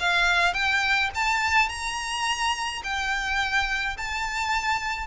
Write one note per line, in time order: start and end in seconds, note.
0.00 0.54 F5
0.54 1.11 G5
1.15 1.69 A5
1.69 2.83 A#5
2.84 3.97 G5
3.98 5.07 A5